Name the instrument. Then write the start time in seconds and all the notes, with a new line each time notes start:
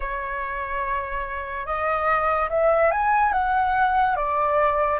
flute
0.00 C#5
1.66 D#5
2.49 E5
2.91 G#5
3.32 F#5
4.16 D5